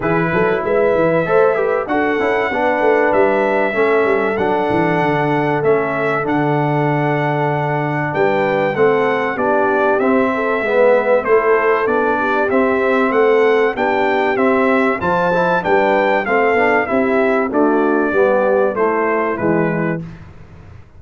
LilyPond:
<<
  \new Staff \with { instrumentName = "trumpet" } { \time 4/4 \tempo 4 = 96 b'4 e''2 fis''4~ | fis''4 e''2 fis''4~ | fis''4 e''4 fis''2~ | fis''4 g''4 fis''4 d''4 |
e''2 c''4 d''4 | e''4 fis''4 g''4 e''4 | a''4 g''4 f''4 e''4 | d''2 c''4 b'4 | }
  \new Staff \with { instrumentName = "horn" } { \time 4/4 gis'8 a'8 b'4 c''8 b'8 a'4 | b'2 a'2~ | a'1~ | a'4 b'4 a'4 g'4~ |
g'8 a'8 b'4 a'4. g'8~ | g'4 a'4 g'2 | c''4 b'4 a'4 g'4 | fis'4 g'4 e'2 | }
  \new Staff \with { instrumentName = "trombone" } { \time 4/4 e'2 a'8 g'8 fis'8 e'8 | d'2 cis'4 d'4~ | d'4 cis'4 d'2~ | d'2 c'4 d'4 |
c'4 b4 e'4 d'4 | c'2 d'4 c'4 | f'8 e'8 d'4 c'8 d'8 e'4 | a4 b4 a4 gis4 | }
  \new Staff \with { instrumentName = "tuba" } { \time 4/4 e8 fis8 gis8 e8 a4 d'8 cis'8 | b8 a8 g4 a8 g8 fis8 e8 | d4 a4 d2~ | d4 g4 a4 b4 |
c'4 gis4 a4 b4 | c'4 a4 b4 c'4 | f4 g4 a8 b8 c'4 | d'4 g4 a4 e4 | }
>>